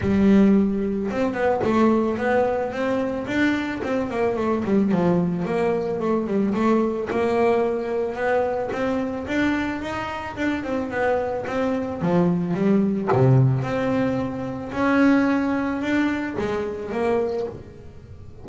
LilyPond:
\new Staff \with { instrumentName = "double bass" } { \time 4/4 \tempo 4 = 110 g2 c'8 b8 a4 | b4 c'4 d'4 c'8 ais8 | a8 g8 f4 ais4 a8 g8 | a4 ais2 b4 |
c'4 d'4 dis'4 d'8 c'8 | b4 c'4 f4 g4 | c4 c'2 cis'4~ | cis'4 d'4 gis4 ais4 | }